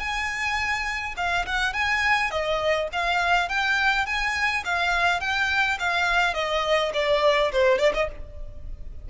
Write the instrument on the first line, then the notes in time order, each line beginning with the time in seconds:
violin
0.00 G#5
1.17 F5
1.46 F#5
1.74 G#5
2.31 D#5
2.93 F5
3.49 G5
4.06 G#5
4.65 F5
5.21 G5
5.80 F5
6.35 D#5
6.94 D5
7.53 C5
7.79 D5
7.95 D#5